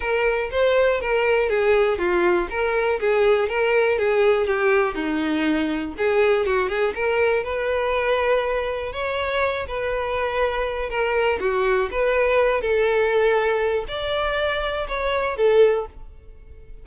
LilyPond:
\new Staff \with { instrumentName = "violin" } { \time 4/4 \tempo 4 = 121 ais'4 c''4 ais'4 gis'4 | f'4 ais'4 gis'4 ais'4 | gis'4 g'4 dis'2 | gis'4 fis'8 gis'8 ais'4 b'4~ |
b'2 cis''4. b'8~ | b'2 ais'4 fis'4 | b'4. a'2~ a'8 | d''2 cis''4 a'4 | }